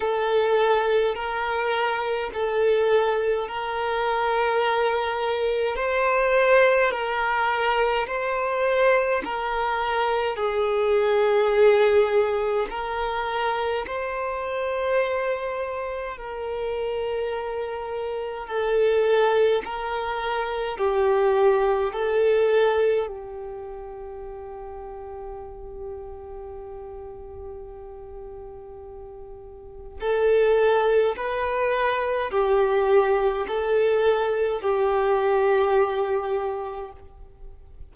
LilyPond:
\new Staff \with { instrumentName = "violin" } { \time 4/4 \tempo 4 = 52 a'4 ais'4 a'4 ais'4~ | ais'4 c''4 ais'4 c''4 | ais'4 gis'2 ais'4 | c''2 ais'2 |
a'4 ais'4 g'4 a'4 | g'1~ | g'2 a'4 b'4 | g'4 a'4 g'2 | }